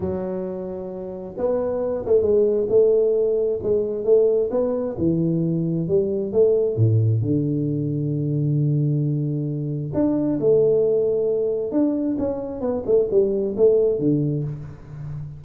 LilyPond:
\new Staff \with { instrumentName = "tuba" } { \time 4/4 \tempo 4 = 133 fis2. b4~ | b8 a8 gis4 a2 | gis4 a4 b4 e4~ | e4 g4 a4 a,4 |
d1~ | d2 d'4 a4~ | a2 d'4 cis'4 | b8 a8 g4 a4 d4 | }